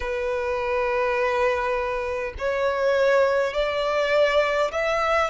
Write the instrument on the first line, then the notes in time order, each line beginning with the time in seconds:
violin
0.00 B4
2.38 C#5
3.53 D5
4.71 E5